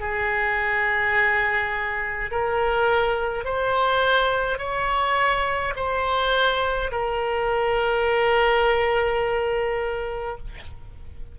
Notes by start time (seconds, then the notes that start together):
0.00 G#4
2.31 A#4
3.45 C5
4.58 C#5
5.76 C5
6.92 A#4